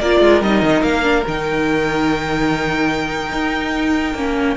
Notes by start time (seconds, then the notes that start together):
0.00 A#3 F4 A#4 D5
0.20 G#3
0.41 G3 D#4 D#5
0.62 D#3
0.82 A#3 F5
1.02 D4
1.27 D#3 D#4 G5
3.32 D#4
4.14 A#3 C#4